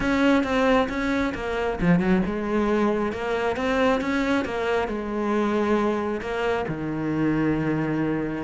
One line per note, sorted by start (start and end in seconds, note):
0.00 0.43 C#4
0.43 0.88 C4
0.88 1.33 C#4
1.34 1.79 A#3
1.80 1.99 F3
1.99 2.22 F#3
2.26 3.12 G#3
3.12 3.56 A#3
3.56 4.00 C4
4.00 4.44 C#4
4.44 4.88 A#3
4.88 6.21 G#3
6.21 6.65 A#3
6.68 8.43 D#3